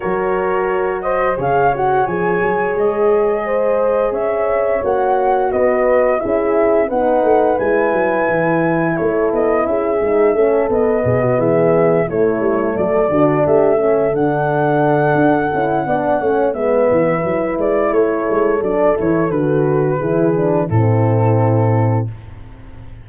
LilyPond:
<<
  \new Staff \with { instrumentName = "flute" } { \time 4/4 \tempo 4 = 87 cis''4. dis''8 f''8 fis''8 gis''4 | dis''2 e''4 fis''4 | dis''4 e''4 fis''4 gis''4~ | gis''4 cis''8 dis''8 e''4. dis''8~ |
dis''8 e''4 cis''4 d''4 e''8~ | e''8 fis''2.~ fis''8 | e''4. d''8 cis''4 d''8 cis''8 | b'2 a'2 | }
  \new Staff \with { instrumentName = "horn" } { \time 4/4 ais'4. c''8 cis''2~ | cis''4 c''4 cis''2 | b'4 gis'4 b'2~ | b'4 a'4 gis'4 a'4 |
gis'16 fis'16 gis'4 e'4 a'8 fis'8 g'8 | a'2. d''8 cis''8 | b'2 a'2~ | a'4 gis'4 e'2 | }
  \new Staff \with { instrumentName = "horn" } { \time 4/4 fis'2 gis'8 fis'8 gis'4~ | gis'2. fis'4~ | fis'4 e'4 dis'4 e'4~ | e'2~ e'8 dis'8 cis'8 b8~ |
b4. a4. d'4 | cis'8 d'2 e'8 d'8 cis'8 | b4 e'2 d'8 e'8 | fis'4 e'8 d'8 c'2 | }
  \new Staff \with { instrumentName = "tuba" } { \time 4/4 fis2 cis4 f8 fis8 | gis2 cis'4 ais4 | b4 cis'4 b8 a8 gis8 fis8 | e4 a8 b8 cis'8 gis8 a8 b8 |
b,8 e4 a8 g8 fis8 d8 a8~ | a8 d4. d'8 cis'8 b8 a8 | gis8 e8 fis8 gis8 a8 gis8 fis8 e8 | d4 e4 a,2 | }
>>